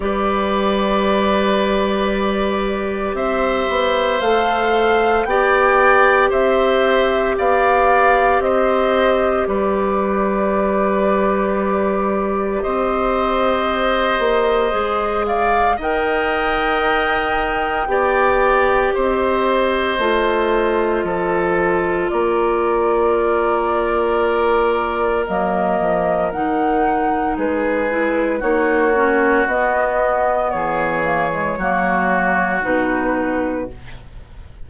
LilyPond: <<
  \new Staff \with { instrumentName = "flute" } { \time 4/4 \tempo 4 = 57 d''2. e''4 | f''4 g''4 e''4 f''4 | dis''4 d''2. | dis''2~ dis''8 f''8 g''4~ |
g''2 dis''2~ | dis''4 d''2. | dis''4 fis''4 b'4 cis''4 | dis''4 cis''2 b'4 | }
  \new Staff \with { instrumentName = "oboe" } { \time 4/4 b'2. c''4~ | c''4 d''4 c''4 d''4 | c''4 b'2. | c''2~ c''8 d''8 dis''4~ |
dis''4 d''4 c''2 | a'4 ais'2.~ | ais'2 gis'4 fis'4~ | fis'4 gis'4 fis'2 | }
  \new Staff \with { instrumentName = "clarinet" } { \time 4/4 g'1 | a'4 g'2.~ | g'1~ | g'2 gis'4 ais'4~ |
ais'4 g'2 f'4~ | f'1 | ais4 dis'4. e'8 dis'8 cis'8 | b4. ais16 gis16 ais4 dis'4 | }
  \new Staff \with { instrumentName = "bassoon" } { \time 4/4 g2. c'8 b8 | a4 b4 c'4 b4 | c'4 g2. | c'4. ais8 gis4 dis'4~ |
dis'4 b4 c'4 a4 | f4 ais2. | fis8 f8 dis4 gis4 ais4 | b4 e4 fis4 b,4 | }
>>